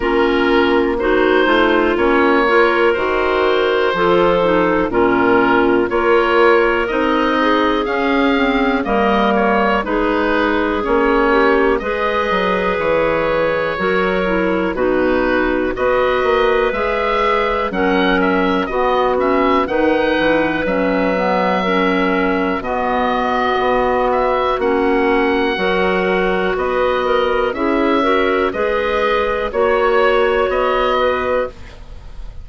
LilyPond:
<<
  \new Staff \with { instrumentName = "oboe" } { \time 4/4 \tempo 4 = 61 ais'4 c''4 cis''4 c''4~ | c''4 ais'4 cis''4 dis''4 | f''4 dis''8 cis''8 b'4 cis''4 | dis''4 cis''2 b'4 |
dis''4 e''4 fis''8 e''8 dis''8 e''8 | fis''4 e''2 dis''4~ | dis''8 e''8 fis''2 dis''4 | e''4 dis''4 cis''4 dis''4 | }
  \new Staff \with { instrumentName = "clarinet" } { \time 4/4 f'4 fis'8 f'4 ais'4. | a'4 f'4 ais'4. gis'8~ | gis'4 ais'4 gis'4. g'8 | b'2 ais'4 fis'4 |
b'2 ais'4 fis'4 | b'2 ais'4 fis'4~ | fis'2 ais'4 b'8 ais'8 | gis'8 ais'8 b'4 cis''4. b'8 | }
  \new Staff \with { instrumentName = "clarinet" } { \time 4/4 cis'4 dis'4 cis'8 f'8 fis'4 | f'8 dis'8 cis'4 f'4 dis'4 | cis'8 c'8 ais4 dis'4 cis'4 | gis'2 fis'8 e'8 dis'4 |
fis'4 gis'4 cis'4 b8 cis'8 | dis'4 cis'8 b8 cis'4 b4~ | b4 cis'4 fis'2 | e'8 fis'8 gis'4 fis'2 | }
  \new Staff \with { instrumentName = "bassoon" } { \time 4/4 ais4. a8 ais4 dis4 | f4 ais,4 ais4 c'4 | cis'4 g4 gis4 ais4 | gis8 fis8 e4 fis4 b,4 |
b8 ais8 gis4 fis4 b4 | dis8 e8 fis2 b,4 | b4 ais4 fis4 b4 | cis'4 gis4 ais4 b4 | }
>>